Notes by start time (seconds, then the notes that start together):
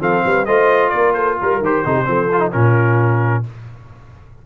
0.00 F3 C4 A4 F5
0.25 G3 B4
0.45 A3 F4 C5 D#5
0.89 A#3 A#4 D5
1.13 A4 C5
1.40 G3 A#4
1.60 D#3 G4 C5
1.85 C3 D#4 A4
1.94 G4
2.05 F3 C4 A4
2.32 F4
2.39 D#4
2.51 A#2 C#4 F4 A#4